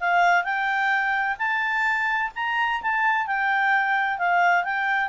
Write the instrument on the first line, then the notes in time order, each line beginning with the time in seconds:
clarinet
0.00 F5
0.44 G5
1.38 A5
2.35 A#5
2.82 A5
3.27 G5
4.18 F5
4.64 G5